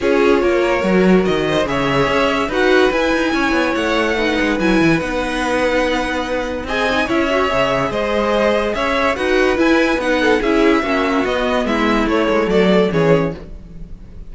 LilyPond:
<<
  \new Staff \with { instrumentName = "violin" } { \time 4/4 \tempo 4 = 144 cis''2. dis''4 | e''2 fis''4 gis''4~ | gis''4 fis''2 gis''4 | fis''1 |
gis''4 e''2 dis''4~ | dis''4 e''4 fis''4 gis''4 | fis''4 e''2 dis''4 | e''4 cis''4 d''4 cis''4 | }
  \new Staff \with { instrumentName = "violin" } { \time 4/4 gis'4 ais'2~ ais'8 c''8 | cis''2 b'2 | cis''2 b'2~ | b'1 |
dis''4 cis''2 c''4~ | c''4 cis''4 b'2~ | b'8 a'8 gis'4 fis'2 | e'2 a'4 gis'4 | }
  \new Staff \with { instrumentName = "viola" } { \time 4/4 f'2 fis'2 | gis'2 fis'4 e'4~ | e'2 dis'4 e'4 | dis'1 |
gis'8 dis'8 e'8 fis'8 gis'2~ | gis'2 fis'4 e'4 | dis'4 e'4 cis'4 b4~ | b4 a2 cis'4 | }
  \new Staff \with { instrumentName = "cello" } { \time 4/4 cis'4 ais4 fis4 dis4 | cis4 cis'4 dis'4 e'8 dis'8 | cis'8 b8 a4. gis8 fis8 e8 | b1 |
c'4 cis'4 cis4 gis4~ | gis4 cis'4 dis'4 e'4 | b4 cis'4 ais4 b4 | gis4 a8 gis8 fis4 e4 | }
>>